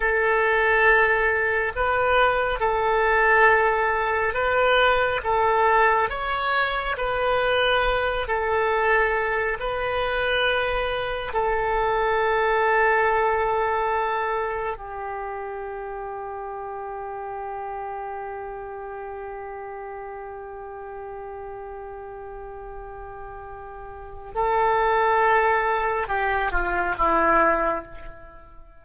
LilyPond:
\new Staff \with { instrumentName = "oboe" } { \time 4/4 \tempo 4 = 69 a'2 b'4 a'4~ | a'4 b'4 a'4 cis''4 | b'4. a'4. b'4~ | b'4 a'2.~ |
a'4 g'2.~ | g'1~ | g'1 | a'2 g'8 f'8 e'4 | }